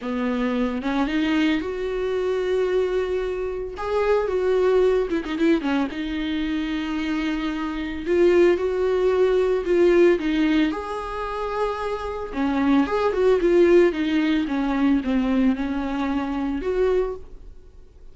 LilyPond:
\new Staff \with { instrumentName = "viola" } { \time 4/4 \tempo 4 = 112 b4. cis'8 dis'4 fis'4~ | fis'2. gis'4 | fis'4. e'16 dis'16 e'8 cis'8 dis'4~ | dis'2. f'4 |
fis'2 f'4 dis'4 | gis'2. cis'4 | gis'8 fis'8 f'4 dis'4 cis'4 | c'4 cis'2 fis'4 | }